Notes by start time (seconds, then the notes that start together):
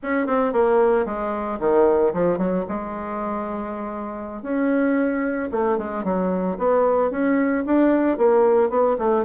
0.03 C#4
0.27 C4
0.53 A#3
1.05 G#3
1.59 D#3
2.13 F3
2.38 F#3
2.68 G#3
4.42 C#4
5.51 A3
5.78 G#3
6.04 F#3
6.57 B3
7.10 C#4
7.65 D4
8.17 A#3
8.69 B3
8.98 A3